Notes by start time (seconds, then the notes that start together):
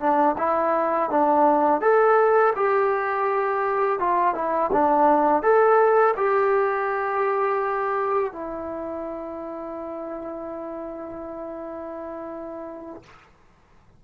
0.00 D4
0.38 E4
1.10 D4
1.81 A4
2.56 G4
4.00 F4
4.35 E4
4.73 D4
5.42 A4
6.17 G4
8.33 E4